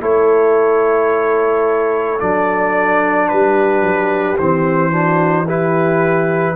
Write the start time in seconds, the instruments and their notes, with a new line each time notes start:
0.00 tuba A3, trombone E4, horn A4, trumpet C#5
2.19 tuba F#3, trombone D4, trumpet D5
3.28 tuba G3, horn G4, trumpet B4
3.81 tuba F#3
4.37 tuba E3, trombone C4, trumpet C5
4.91 trombone D4, horn F#4
5.45 trombone E4, horn G4, trumpet B4